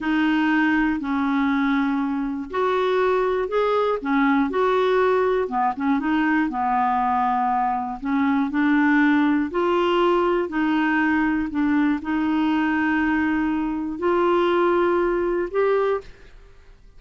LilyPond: \new Staff \with { instrumentName = "clarinet" } { \time 4/4 \tempo 4 = 120 dis'2 cis'2~ | cis'4 fis'2 gis'4 | cis'4 fis'2 b8 cis'8 | dis'4 b2. |
cis'4 d'2 f'4~ | f'4 dis'2 d'4 | dis'1 | f'2. g'4 | }